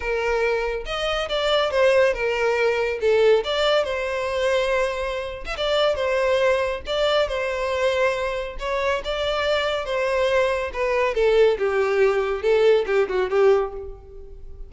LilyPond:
\new Staff \with { instrumentName = "violin" } { \time 4/4 \tempo 4 = 140 ais'2 dis''4 d''4 | c''4 ais'2 a'4 | d''4 c''2.~ | c''8. e''16 d''4 c''2 |
d''4 c''2. | cis''4 d''2 c''4~ | c''4 b'4 a'4 g'4~ | g'4 a'4 g'8 fis'8 g'4 | }